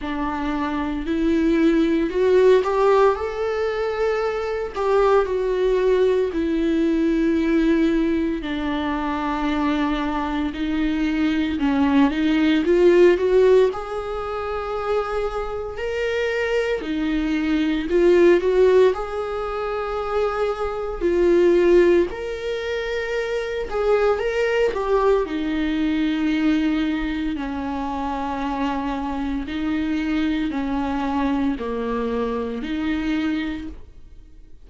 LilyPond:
\new Staff \with { instrumentName = "viola" } { \time 4/4 \tempo 4 = 57 d'4 e'4 fis'8 g'8 a'4~ | a'8 g'8 fis'4 e'2 | d'2 dis'4 cis'8 dis'8 | f'8 fis'8 gis'2 ais'4 |
dis'4 f'8 fis'8 gis'2 | f'4 ais'4. gis'8 ais'8 g'8 | dis'2 cis'2 | dis'4 cis'4 ais4 dis'4 | }